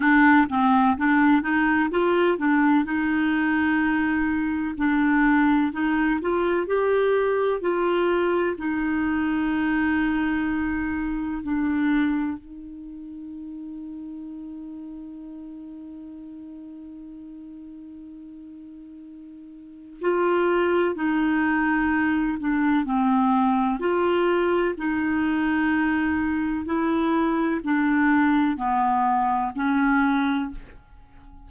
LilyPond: \new Staff \with { instrumentName = "clarinet" } { \time 4/4 \tempo 4 = 63 d'8 c'8 d'8 dis'8 f'8 d'8 dis'4~ | dis'4 d'4 dis'8 f'8 g'4 | f'4 dis'2. | d'4 dis'2.~ |
dis'1~ | dis'4 f'4 dis'4. d'8 | c'4 f'4 dis'2 | e'4 d'4 b4 cis'4 | }